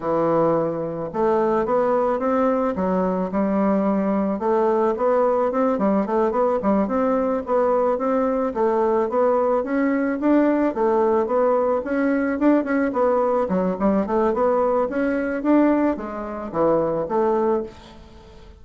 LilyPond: \new Staff \with { instrumentName = "bassoon" } { \time 4/4 \tempo 4 = 109 e2 a4 b4 | c'4 fis4 g2 | a4 b4 c'8 g8 a8 b8 | g8 c'4 b4 c'4 a8~ |
a8 b4 cis'4 d'4 a8~ | a8 b4 cis'4 d'8 cis'8 b8~ | b8 fis8 g8 a8 b4 cis'4 | d'4 gis4 e4 a4 | }